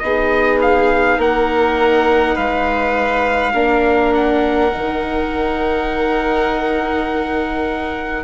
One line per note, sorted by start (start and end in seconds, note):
0.00 1.18 B3
0.00 3.54 D#4
0.00 1.19 G#4
0.00 0.59 D#5
0.62 1.21 F5
1.18 2.36 A#3
1.18 2.36 A#4
1.18 2.37 F#5
2.36 3.54 G#3
2.36 3.53 B4
2.36 4.14 F5
3.54 4.72 A#3
3.54 4.71 D4
3.54 8.25 A#4
4.14 8.25 F#5
4.73 8.25 D#3
4.73 8.25 D#4